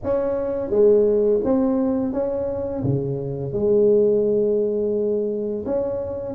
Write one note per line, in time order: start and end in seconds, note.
0.03 0.70 C#4
0.70 1.40 G#3
1.43 2.12 C4
2.12 2.83 C#4
2.83 3.53 C#3
3.53 5.64 G#3
5.65 6.34 C#4